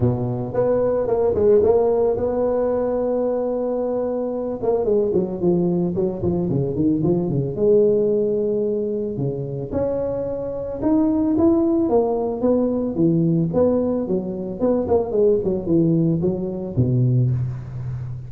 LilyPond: \new Staff \with { instrumentName = "tuba" } { \time 4/4 \tempo 4 = 111 b,4 b4 ais8 gis8 ais4 | b1~ | b8 ais8 gis8 fis8 f4 fis8 f8 | cis8 dis8 f8 cis8 gis2~ |
gis4 cis4 cis'2 | dis'4 e'4 ais4 b4 | e4 b4 fis4 b8 ais8 | gis8 fis8 e4 fis4 b,4 | }